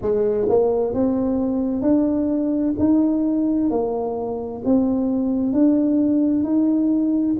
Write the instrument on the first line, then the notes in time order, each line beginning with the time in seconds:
tuba
0.01 G#3
0.49 A#3
0.93 C4
1.82 D4
2.79 D#4
3.70 A#3
4.64 C4
5.53 D4
6.43 D#4